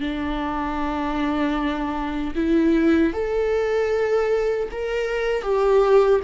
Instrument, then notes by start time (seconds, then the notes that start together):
viola
0.00 D4
2.35 E4
3.13 A4
4.71 A#4
5.42 G4